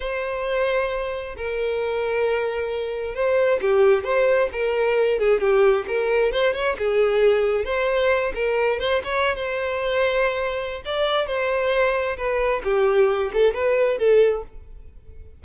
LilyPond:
\new Staff \with { instrumentName = "violin" } { \time 4/4 \tempo 4 = 133 c''2. ais'4~ | ais'2. c''4 | g'4 c''4 ais'4. gis'8 | g'4 ais'4 c''8 cis''8 gis'4~ |
gis'4 c''4. ais'4 c''8 | cis''8. c''2.~ c''16 | d''4 c''2 b'4 | g'4. a'8 b'4 a'4 | }